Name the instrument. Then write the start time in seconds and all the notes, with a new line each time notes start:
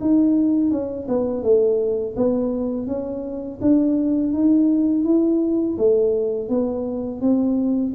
tuba
0.00 D#4
0.70 C#4
1.08 B3
1.42 A3
2.16 B3
2.87 C#4
3.60 D4
4.33 D#4
5.04 E4
5.78 A3
6.48 B3
7.21 C4